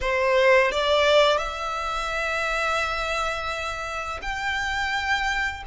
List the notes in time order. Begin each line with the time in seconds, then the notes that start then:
0.01 C5
0.71 D5
1.37 E5
4.22 G5